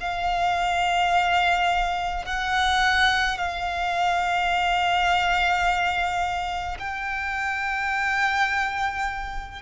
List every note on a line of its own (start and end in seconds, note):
0.00 2.25 F5
2.25 3.38 F#5
3.38 6.77 F5
6.79 9.61 G5